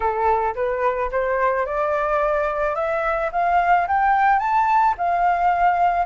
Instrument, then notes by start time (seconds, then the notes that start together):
flute
0.00 A4
0.55 B4
1.11 C5
1.66 D5
2.75 E5
3.32 F5
3.87 G5
4.39 A5
4.97 F5